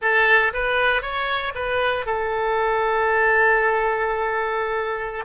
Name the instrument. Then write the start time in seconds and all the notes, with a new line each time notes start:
oboe
0.01 A4
0.53 B4
1.01 C#5
1.55 B4
2.05 A4